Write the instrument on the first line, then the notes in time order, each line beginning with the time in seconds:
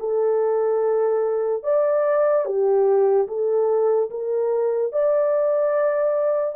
horn
0.00 A4
1.63 D5
2.45 G4
3.28 A4
4.11 A#4
4.93 D5